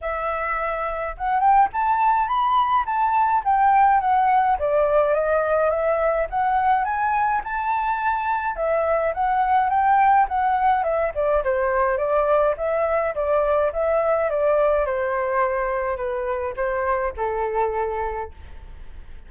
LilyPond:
\new Staff \with { instrumentName = "flute" } { \time 4/4 \tempo 4 = 105 e''2 fis''8 g''8 a''4 | b''4 a''4 g''4 fis''4 | d''4 dis''4 e''4 fis''4 | gis''4 a''2 e''4 |
fis''4 g''4 fis''4 e''8 d''8 | c''4 d''4 e''4 d''4 | e''4 d''4 c''2 | b'4 c''4 a'2 | }